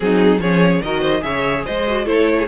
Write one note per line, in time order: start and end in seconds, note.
0.00 0.38 F#3
0.00 0.39 C4
0.00 0.41 D#4
0.00 0.40 G#4
0.38 0.80 F3
0.38 0.83 C#4
0.38 0.82 G#4
0.38 0.82 C#5
0.82 1.23 D#3
0.82 1.20 F#4
0.82 1.01 A#4
0.82 1.22 D#5
1.01 1.21 C5
1.20 1.65 C#3
1.20 1.82 G#4
1.20 1.65 C#5
1.20 1.64 E5
1.65 2.06 G#3
1.65 2.05 C5
1.65 2.06 D#5
1.86 2.05 F#4
2.05 2.47 A3
2.05 2.46 E4
2.05 2.36 A4
2.05 2.47 C#5
2.38 2.47 G#4